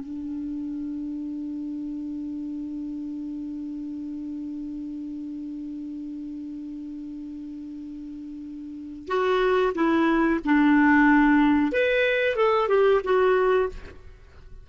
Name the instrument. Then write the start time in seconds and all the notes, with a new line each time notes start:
clarinet
0.00 D4
9.08 F#4
9.75 E4
10.45 D4
11.72 B4
12.36 A4
12.69 G4
13.04 F#4